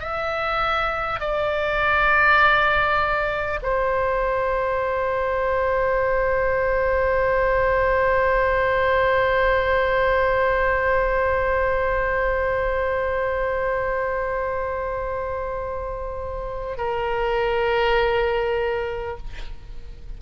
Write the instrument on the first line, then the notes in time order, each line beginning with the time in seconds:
oboe
0.00 E5
1.20 D5
3.62 C5
16.77 A#4